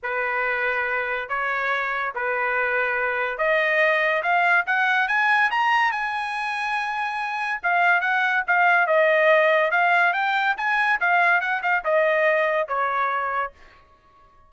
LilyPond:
\new Staff \with { instrumentName = "trumpet" } { \time 4/4 \tempo 4 = 142 b'2. cis''4~ | cis''4 b'2. | dis''2 f''4 fis''4 | gis''4 ais''4 gis''2~ |
gis''2 f''4 fis''4 | f''4 dis''2 f''4 | g''4 gis''4 f''4 fis''8 f''8 | dis''2 cis''2 | }